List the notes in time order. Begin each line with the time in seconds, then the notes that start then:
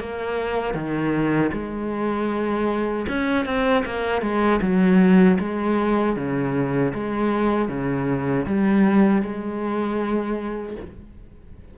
0.00 A#3
0.74 D#3
1.53 G#3
3.09 C#4
3.46 C4
3.86 A#3
4.22 G#3
4.62 F#3
5.40 G#3
6.16 C#3
6.94 G#3
7.69 C#3
8.47 G3
9.23 G#3